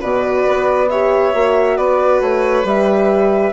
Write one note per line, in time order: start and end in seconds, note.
0.00 0.46 B2
0.00 0.88 F#4
0.00 0.88 B4
0.00 0.89 D5
0.47 1.34 B3
0.89 1.33 G4
0.89 1.77 C#5
0.89 1.76 E5
1.33 1.77 A#3
1.33 2.64 F#4
1.76 2.21 B3
1.76 3.53 B4
1.76 2.21 D5
2.21 2.64 A3
2.21 2.66 C#5
2.64 3.52 G3
2.64 3.53 G4
2.64 3.53 E5